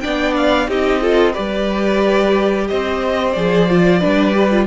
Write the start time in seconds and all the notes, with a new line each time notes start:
0.00 B3 D4 D5 G5
0.36 F5
0.68 C4 D#4 G4 D#5
1.01 F4 A4
1.32 G3 G4 B4 D5
2.67 C4 C5 D#5
3.32 F3 G#4 D5
3.69 F4
3.99 G3 D4 B4
4.33 G4
4.50 F4